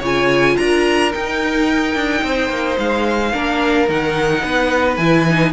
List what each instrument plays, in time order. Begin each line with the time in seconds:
0.00 cello C#3, viola F4, violin C#5 G#5
0.57 cello D4, violin A#4 A#5
1.12 viola D#4, cello D#4, violin G5
1.95 cello D4
2.23 cello C4, violin C5
2.49 cello A#3
2.79 cello G#3, violin F5
3.33 cello A#3, viola D4, violin A#4
3.88 cello D#3, viola D#4, violin F#5
4.43 cello B3, violin B4
4.97 cello E3, viola E4, violin G#5
5.29 viola D#4